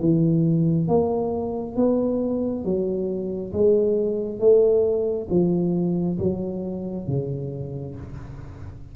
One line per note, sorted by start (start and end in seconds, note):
0.00 0.88 E3
0.88 1.76 A#3
1.76 2.65 B3
2.65 3.53 F#3
3.53 4.40 G#3
4.40 5.28 A3
5.30 6.18 F3
6.19 7.07 F#3
7.07 7.96 C#3